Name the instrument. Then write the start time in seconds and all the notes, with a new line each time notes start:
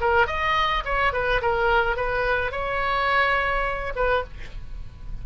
oboe
0.00 A#4
0.27 D#5
0.85 C#5
1.13 B4
1.42 A#4
1.96 B4
2.51 C#5
3.95 B4